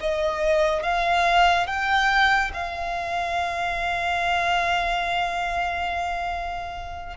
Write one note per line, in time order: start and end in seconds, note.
0.00 0.83 D#5
0.83 1.67 F5
1.67 2.51 G5
2.54 7.17 F5